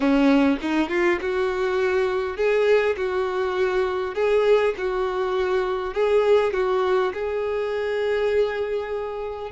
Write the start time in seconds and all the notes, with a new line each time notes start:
0.00 C#4
0.61 D#4
0.89 F4
1.21 F#4
2.36 G#4
2.96 F#4
4.14 G#4
4.77 F#4
5.94 G#4
6.53 F#4
7.13 G#4